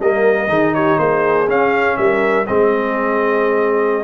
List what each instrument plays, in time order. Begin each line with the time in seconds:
0.00 tuba G3, trombone A#3, horn A#4, trumpet D#5
0.48 tuba D#3, trombone D#4, horn G#4
0.75 horn G4, trumpet C#5
0.99 tuba A#3, horn G#4, trumpet C5
1.48 trombone C#4, tuba C#4, trumpet F5
1.97 tuba G3, horn A#4, trumpet E5
2.47 tuba G#3, trombone C4, horn G#4, trumpet D#5